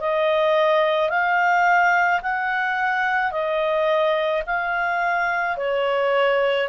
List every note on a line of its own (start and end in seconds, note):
0.00 1.09 D#5
1.09 2.20 F5
2.22 3.31 F#5
3.31 4.42 D#5
4.46 5.57 F5
5.57 6.68 C#5